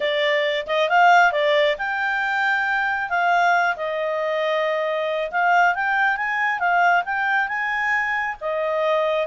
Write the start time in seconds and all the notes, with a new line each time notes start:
0.00 D5
0.67 D#5
0.89 F5
1.32 D5
1.78 G5
3.09 F5
3.76 D#5
5.31 F5
5.74 G5
6.16 G#5
6.59 F5
7.05 G5
7.47 G#5
8.40 D#5